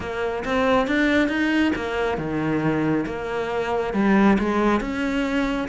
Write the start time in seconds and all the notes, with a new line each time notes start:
0.00 A#3
0.44 C4
0.87 D4
1.28 D#4
1.75 A#3
2.17 D#3
3.06 A#3
3.93 G3
4.39 G#3
4.80 C#4